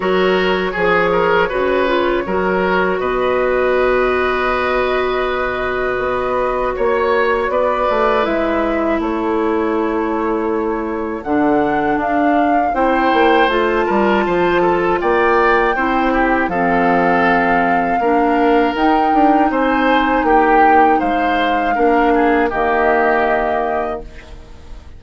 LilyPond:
<<
  \new Staff \with { instrumentName = "flute" } { \time 4/4 \tempo 4 = 80 cis''1 | dis''1~ | dis''4 cis''4 d''4 e''4 | cis''2. fis''4 |
f''4 g''4 a''2 | g''2 f''2~ | f''4 g''4 gis''4 g''4 | f''2 dis''2 | }
  \new Staff \with { instrumentName = "oboe" } { \time 4/4 ais'4 gis'8 ais'8 b'4 ais'4 | b'1~ | b'4 cis''4 b'2 | a'1~ |
a'4 c''4. ais'8 c''8 a'8 | d''4 c''8 g'8 a'2 | ais'2 c''4 g'4 | c''4 ais'8 gis'8 g'2 | }
  \new Staff \with { instrumentName = "clarinet" } { \time 4/4 fis'4 gis'4 fis'8 f'8 fis'4~ | fis'1~ | fis'2. e'4~ | e'2. d'4~ |
d'4 e'4 f'2~ | f'4 e'4 c'2 | d'4 dis'2.~ | dis'4 d'4 ais2 | }
  \new Staff \with { instrumentName = "bassoon" } { \time 4/4 fis4 f4 cis4 fis4 | b,1 | b4 ais4 b8 a8 gis4 | a2. d4 |
d'4 c'8 ais8 a8 g8 f4 | ais4 c'4 f2 | ais4 dis'8 d'8 c'4 ais4 | gis4 ais4 dis2 | }
>>